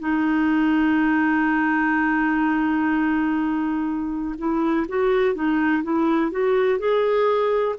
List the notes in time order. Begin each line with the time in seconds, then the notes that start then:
0.00 D#4
4.38 E4
4.89 F#4
5.35 D#4
5.84 E4
6.32 F#4
6.80 G#4